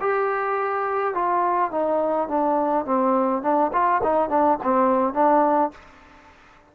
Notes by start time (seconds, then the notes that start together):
0.00 G4
1.14 F4
1.71 D#4
2.28 D4
2.85 C4
3.42 D4
3.72 F4
4.03 D#4
4.29 D4
4.63 C4
5.13 D4